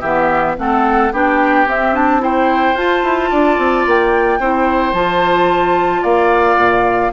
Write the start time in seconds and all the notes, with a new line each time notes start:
0.00 E3 B3 G4 E5
0.57 A3 C4 A4 F#5
1.12 B3 D4 G4 G5
1.66 C4 E5
1.93 D4 A5
2.20 E4 C5 G5
2.74 F4 A5
3.03 E4
3.30 D4 D5
3.58 C4
3.86 A#3 G5
4.39 C4 E4 C5
4.93 F3 F4 A5
6.02 A#3 D5 F5
6.57 A#2